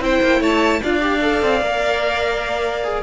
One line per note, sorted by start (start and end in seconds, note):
0.00 0.20 C4
0.00 0.81 E4
0.00 0.40 C5
0.00 0.43 G5
0.22 0.40 A#3
0.40 0.81 A3
0.40 0.81 C#5
0.40 0.83 A5
0.82 1.42 D4
0.82 1.01 F4
0.82 3.03 D5
0.82 3.03 F5
1.01 1.21 G4
1.21 1.61 A4
1.42 1.62 C4
1.62 3.03 A#3
1.62 2.84 A#4
2.84 3.03 G#4